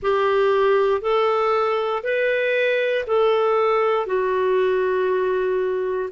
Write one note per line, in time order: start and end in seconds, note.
0.02 1.01 G4
1.01 2.02 A4
2.03 3.05 B4
3.06 4.06 A4
4.06 6.09 F#4